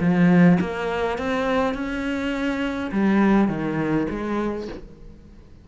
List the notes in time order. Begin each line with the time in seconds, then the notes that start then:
0.00 F3
0.60 A#3
1.18 C4
1.74 C#4
2.92 G3
3.48 D#3
4.10 G#3